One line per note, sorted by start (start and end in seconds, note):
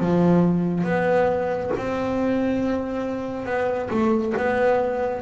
0.00 0.84 F3
0.84 1.71 B3
1.77 3.46 C4
3.46 3.89 B3
3.90 4.34 A3
4.37 5.22 B3